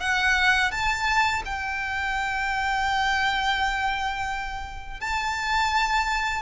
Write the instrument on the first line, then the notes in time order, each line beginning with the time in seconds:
violin
0.00 F#5
0.71 A5
1.45 G5
5.00 A5